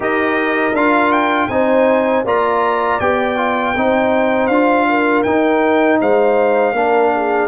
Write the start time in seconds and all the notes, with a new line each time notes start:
0.00 D#4 G4 A#4 D#5
0.72 D4 F4 F5
1.12 G5
1.48 C4 D#4 C5 G#5
2.24 A#3 F4 D5 A#5
3.00 B3 G4 G5
3.36 F4
3.76 C4 D#4 C5
4.47 D4 F4 F5
4.88 A#4
5.23 D#4 G5
6.00 G#3 C5 F5
6.72 A#3 D4 A#4
7.14 G#4